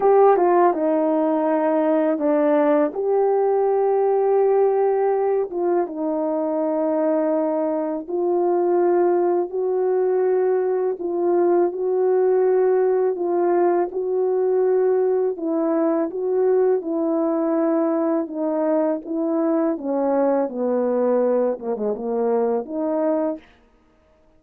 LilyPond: \new Staff \with { instrumentName = "horn" } { \time 4/4 \tempo 4 = 82 g'8 f'8 dis'2 d'4 | g'2.~ g'8 f'8 | dis'2. f'4~ | f'4 fis'2 f'4 |
fis'2 f'4 fis'4~ | fis'4 e'4 fis'4 e'4~ | e'4 dis'4 e'4 cis'4 | b4. ais16 gis16 ais4 dis'4 | }